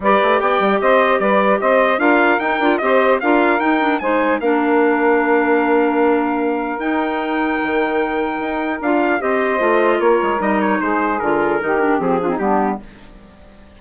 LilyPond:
<<
  \new Staff \with { instrumentName = "trumpet" } { \time 4/4 \tempo 4 = 150 d''4 g''4 dis''4 d''4 | dis''4 f''4 g''4 dis''4 | f''4 g''4 gis''4 f''4~ | f''1~ |
f''4 g''2.~ | g''2 f''4 dis''4~ | dis''4 cis''4 dis''8 cis''8 c''4 | ais'2 gis'4 g'4 | }
  \new Staff \with { instrumentName = "saxophone" } { \time 4/4 b'4 d''4 c''4 b'4 | c''4 ais'2 c''4 | ais'2 c''4 ais'4~ | ais'1~ |
ais'1~ | ais'2. c''4~ | c''4 ais'2 gis'4~ | gis'4 g'4. f'16 dis'16 d'4 | }
  \new Staff \with { instrumentName = "clarinet" } { \time 4/4 g'1~ | g'4 f'4 dis'8 f'8 g'4 | f'4 dis'8 d'8 dis'4 d'4~ | d'1~ |
d'4 dis'2.~ | dis'2 f'4 g'4 | f'2 dis'2 | f'4 dis'8 d'8 c'8 d'16 c'16 b4 | }
  \new Staff \with { instrumentName = "bassoon" } { \time 4/4 g8 a8 b8 g8 c'4 g4 | c'4 d'4 dis'8 d'8 c'4 | d'4 dis'4 gis4 ais4~ | ais1~ |
ais4 dis'2 dis4~ | dis4 dis'4 d'4 c'4 | a4 ais8 gis8 g4 gis4 | d4 dis4 f4 g4 | }
>>